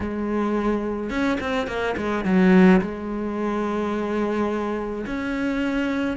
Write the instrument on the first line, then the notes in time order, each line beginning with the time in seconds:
cello
0.00 G#3
1.10 C#4
1.40 C4
1.67 A#3
1.97 G#3
2.24 F#3
2.81 G#3
5.06 C#4